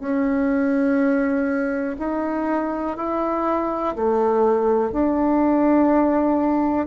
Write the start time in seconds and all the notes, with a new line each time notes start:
0.00 C#4
1.99 D#4
2.97 E4
3.96 A3
4.92 D4